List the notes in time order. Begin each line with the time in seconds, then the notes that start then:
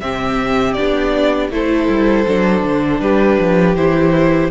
0.00 C3 C4 G4 E5
0.73 B3 D4 D5
1.50 A3 E4 A4 C5
1.89 G3
2.27 F#3 D4
2.63 D3
3.00 G3 G4 B4
3.39 F3
3.75 E3 E4 C5